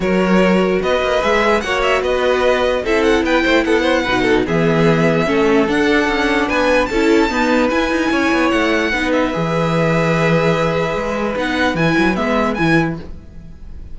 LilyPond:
<<
  \new Staff \with { instrumentName = "violin" } { \time 4/4 \tempo 4 = 148 cis''2 dis''4 e''4 | fis''8 e''8 dis''2 e''8 fis''8 | g''4 fis''2 e''4~ | e''2 fis''2 |
gis''4 a''2 gis''4~ | gis''4 fis''4. e''4.~ | e''1 | fis''4 gis''4 e''4 gis''4 | }
  \new Staff \with { instrumentName = "violin" } { \time 4/4 ais'2 b'2 | cis''4 b'2 a'4 | b'8 c''8 a'8 c''8 b'8 a'8 gis'4~ | gis'4 a'2. |
b'4 a'4 b'2 | cis''2 b'2~ | b'1~ | b'1 | }
  \new Staff \with { instrumentName = "viola" } { \time 4/4 fis'2. gis'4 | fis'2. e'4~ | e'2 dis'4 b4~ | b4 cis'4 d'2~ |
d'4 e'4 b4 e'4~ | e'2 dis'4 gis'4~ | gis'1 | dis'4 e'4 b4 e'4 | }
  \new Staff \with { instrumentName = "cello" } { \time 4/4 fis2 b8 ais8 gis4 | ais4 b2 c'4 | b8 a8 b4 b,4 e4~ | e4 a4 d'4 cis'4 |
b4 cis'4 dis'4 e'8 dis'8 | cis'8 b8 a4 b4 e4~ | e2. gis4 | b4 e8 fis8 gis4 e4 | }
>>